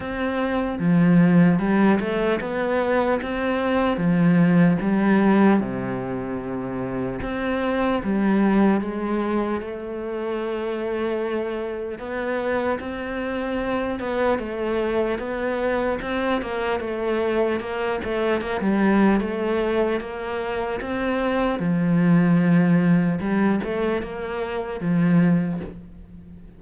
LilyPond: \new Staff \with { instrumentName = "cello" } { \time 4/4 \tempo 4 = 75 c'4 f4 g8 a8 b4 | c'4 f4 g4 c4~ | c4 c'4 g4 gis4 | a2. b4 |
c'4. b8 a4 b4 | c'8 ais8 a4 ais8 a8 ais16 g8. | a4 ais4 c'4 f4~ | f4 g8 a8 ais4 f4 | }